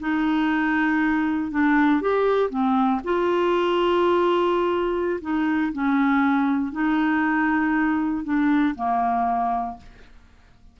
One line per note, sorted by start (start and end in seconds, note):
0.00 1.51 D#4
1.51 2.02 D4
2.02 2.50 G4
2.50 3.01 C4
3.04 5.20 F4
5.21 5.72 D#4
5.73 6.72 C#4
6.72 8.24 D#4
8.24 8.75 D4
8.75 9.77 A#3